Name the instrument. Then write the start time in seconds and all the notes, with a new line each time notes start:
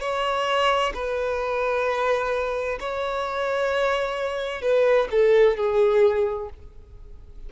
violin
0.00 C#5
0.94 B4
2.79 C#5
4.62 B4
5.11 A4
5.57 G#4